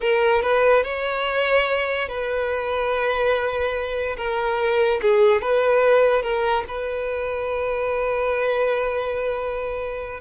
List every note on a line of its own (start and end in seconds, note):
0.00 0.42 A#4
0.42 0.83 B4
0.83 2.08 C#5
2.08 4.16 B4
4.17 5.00 A#4
5.02 5.41 G#4
5.41 6.22 B4
6.22 6.64 A#4
6.67 10.20 B4